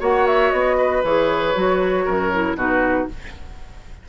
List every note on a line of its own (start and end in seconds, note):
0.00 0.52 A#3
0.00 1.03 F#4
0.00 0.77 C#5
0.00 0.27 F#5
0.27 0.52 E5
0.52 1.04 B3
0.52 1.03 D#5
0.78 2.05 B4
1.04 1.55 E3
1.04 1.55 G#4
1.04 2.58 C#5
1.55 2.07 F#3
1.55 2.32 F#4
2.05 2.56 F#2
2.05 2.56 A#4
2.33 2.58 E4
2.56 3.07 B2
2.56 3.09 D#4
2.56 3.08 F#4
2.56 3.09 B4